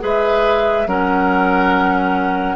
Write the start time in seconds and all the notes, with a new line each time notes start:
0.00 G#3 G#4 B4 E5
0.86 F#3 C#4 A#4 F#5